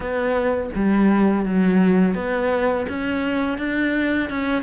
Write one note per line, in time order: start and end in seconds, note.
0.00 0.69 B3
0.75 1.44 G3
1.44 2.15 F#3
2.15 2.86 B3
2.88 3.58 C#4
3.58 4.29 D4
4.29 4.62 C#4